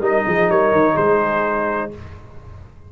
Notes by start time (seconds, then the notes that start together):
0.00 G3 D#4 A#4 D#5
0.26 F3 G#4
0.49 G3 A#4 C#5
0.72 D#3
0.94 G#3 G#4 C5